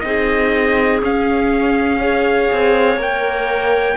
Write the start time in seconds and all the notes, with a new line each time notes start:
0.00 C4 D#4 G#4 D#5
1.01 C#4 F5
1.99 G#4 C#5
2.52 C4
2.96 A#3 A#4 G5